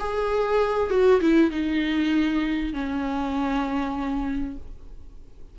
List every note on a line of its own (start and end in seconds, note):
0.00 0.90 G#4
0.90 1.21 F#4
1.21 1.51 E4
1.51 2.74 D#4
2.74 4.57 C#4